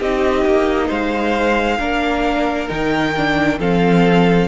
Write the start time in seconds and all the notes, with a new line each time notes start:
0.00 C4 D#4 G4 D#5
0.45 A#3
0.87 G#3 C5 F5
1.79 A#3 D4 A#4
2.68 D#3 D#4 G5
3.17 D4
3.59 F3 C4 A4 F5